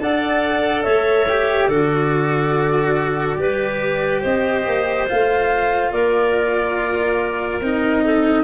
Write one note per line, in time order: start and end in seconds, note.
0.00 0.85 D4
0.00 1.27 A4
0.00 0.85 D5
0.00 0.83 F#5
0.83 1.68 A3
0.83 1.69 C#5
0.83 1.68 E5
1.29 1.71 G4
1.68 3.37 D3
1.68 3.38 F#4
1.68 3.38 A4
1.68 4.21 D5
3.37 4.22 G3
3.37 5.07 G4
3.37 4.21 B4
4.21 4.67 C4
4.21 5.90 C5
4.21 5.08 D#5
4.67 5.10 A#3
5.08 5.92 A3
5.08 7.62 F4
5.08 5.93 F5
5.92 7.61 A#3
5.92 8.05 A#4
5.92 7.62 D5
7.61 8.44 C4
7.61 8.44 D#4
7.61 8.44 D#5
8.06 8.44 A4